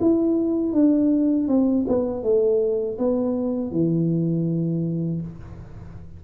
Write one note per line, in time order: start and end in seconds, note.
0.00 0.72 E4
0.72 1.47 D4
1.48 1.85 C4
1.88 2.23 B3
2.23 2.98 A3
2.98 3.71 B3
3.71 5.21 E3